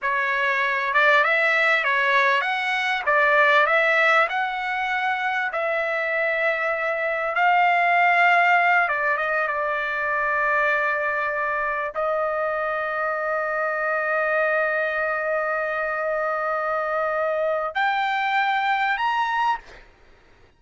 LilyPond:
\new Staff \with { instrumentName = "trumpet" } { \time 4/4 \tempo 4 = 98 cis''4. d''8 e''4 cis''4 | fis''4 d''4 e''4 fis''4~ | fis''4 e''2. | f''2~ f''8 d''8 dis''8 d''8~ |
d''2.~ d''8 dis''8~ | dis''1~ | dis''1~ | dis''4 g''2 ais''4 | }